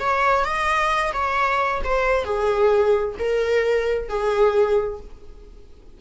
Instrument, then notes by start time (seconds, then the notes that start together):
viola
0.00 C#5
0.45 D#5
1.14 C#5
1.84 C5
2.25 G#4
3.19 A#4
4.09 G#4